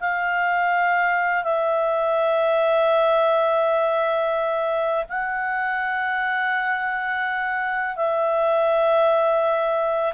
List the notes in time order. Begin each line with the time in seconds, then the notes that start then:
0.00 F5
1.43 E5
5.09 F#5
7.96 E5